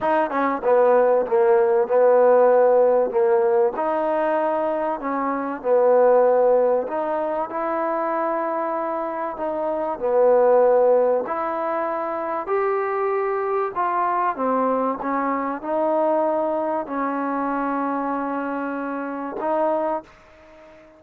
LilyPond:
\new Staff \with { instrumentName = "trombone" } { \time 4/4 \tempo 4 = 96 dis'8 cis'8 b4 ais4 b4~ | b4 ais4 dis'2 | cis'4 b2 dis'4 | e'2. dis'4 |
b2 e'2 | g'2 f'4 c'4 | cis'4 dis'2 cis'4~ | cis'2. dis'4 | }